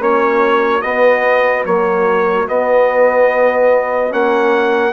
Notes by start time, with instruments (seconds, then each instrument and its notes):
0.00 bassoon A#3, trombone C#4, horn F#4, trumpet C#5
0.82 trombone B3, bassoon B3, trumpet D#5
1.65 trombone F#3, bassoon A#3, trumpet C#5
2.46 trombone B3, bassoon B3, trumpet D#5
4.10 bassoon A#3, trombone C#4, trumpet F#5